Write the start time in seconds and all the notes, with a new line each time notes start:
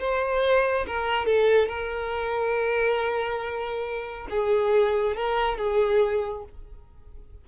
0.00 C5
0.87 A#4
1.26 A4
1.69 A#4
4.30 G#4
5.16 A#4
5.58 G#4